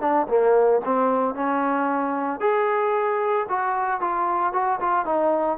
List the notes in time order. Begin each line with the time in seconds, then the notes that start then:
0.00 D4
0.27 A#3
0.85 C4
1.34 C#4
2.40 G#4
3.49 F#4
4.00 F4
4.53 F#4
4.80 F4
5.05 D#4